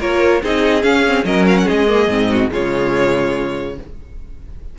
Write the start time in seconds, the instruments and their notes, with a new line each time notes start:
0.00 cello A#3, viola F4, violin A#4 C#5
0.42 cello C4, viola D#4, violin G#4 D#5
0.83 viola C#4, cello C#4, violin F5
1.08 viola C4
1.25 cello F#3, viola C#4, violin A#4 D#5
1.47 violin F5
1.58 violin F#5
1.65 cello G#3, violin G#4 D#5
1.88 viola A#3
2.08 cello G#2, viola C4
2.30 violin F#4
2.51 cello C#3, viola G#3, violin F4 C#5